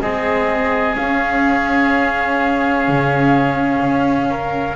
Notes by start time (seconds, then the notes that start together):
0.00 G#3 C4 G#4 D#5
0.95 C#4 F5
2.87 C#3
3.80 C#4
4.30 A#4